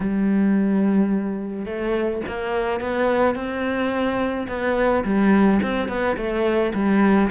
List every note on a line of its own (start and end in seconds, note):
0.00 1.65 G3
1.65 2.21 A3
2.27 2.80 A#3
2.80 3.35 B3
3.35 4.47 C4
4.48 5.04 B3
5.04 5.60 G3
5.62 5.88 C4
5.88 6.16 B3
6.16 6.72 A3
6.74 7.30 G3